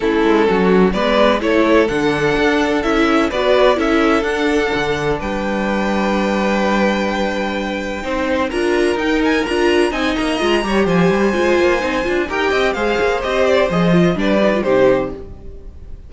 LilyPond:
<<
  \new Staff \with { instrumentName = "violin" } { \time 4/4 \tempo 4 = 127 a'2 d''4 cis''4 | fis''2 e''4 d''4 | e''4 fis''2 g''4~ | g''1~ |
g''2 ais''4 g''8 gis''8 | ais''4 gis''8 ais''4. gis''4~ | gis''2 g''4 f''4 | dis''8 d''8 dis''4 d''4 c''4 | }
  \new Staff \with { instrumentName = "violin" } { \time 4/4 e'4 fis'4 b'4 a'4~ | a'2. b'4 | a'2. b'4~ | b'1~ |
b'4 c''4 ais'2~ | ais'4 dis''4. cis''8 c''4~ | c''2 ais'8 dis''8 c''4~ | c''2 b'4 g'4 | }
  \new Staff \with { instrumentName = "viola" } { \time 4/4 cis'2 b4 e'4 | d'2 e'4 fis'4 | e'4 d'2.~ | d'1~ |
d'4 dis'4 f'4 dis'4 | f'4 dis'4 f'8 g'4. | f'4 dis'8 f'8 g'4 gis'4 | g'4 gis'8 f'8 d'8 dis'16 f'16 dis'4 | }
  \new Staff \with { instrumentName = "cello" } { \time 4/4 a8 gis8 fis4 gis4 a4 | d4 d'4 cis'4 b4 | cis'4 d'4 d4 g4~ | g1~ |
g4 c'4 d'4 dis'4 | d'4 c'8 ais8 gis8 g8 f8 g8 | gis8 ais8 c'8 d'8 dis'8 c'8 gis8 ais8 | c'4 f4 g4 c4 | }
>>